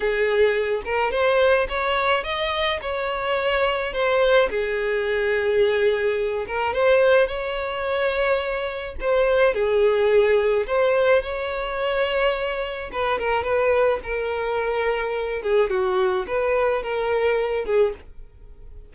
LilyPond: \new Staff \with { instrumentName = "violin" } { \time 4/4 \tempo 4 = 107 gis'4. ais'8 c''4 cis''4 | dis''4 cis''2 c''4 | gis'2.~ gis'8 ais'8 | c''4 cis''2. |
c''4 gis'2 c''4 | cis''2. b'8 ais'8 | b'4 ais'2~ ais'8 gis'8 | fis'4 b'4 ais'4. gis'8 | }